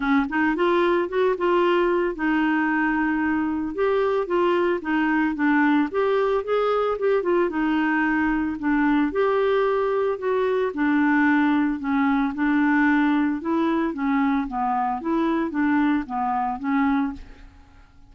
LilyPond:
\new Staff \with { instrumentName = "clarinet" } { \time 4/4 \tempo 4 = 112 cis'8 dis'8 f'4 fis'8 f'4. | dis'2. g'4 | f'4 dis'4 d'4 g'4 | gis'4 g'8 f'8 dis'2 |
d'4 g'2 fis'4 | d'2 cis'4 d'4~ | d'4 e'4 cis'4 b4 | e'4 d'4 b4 cis'4 | }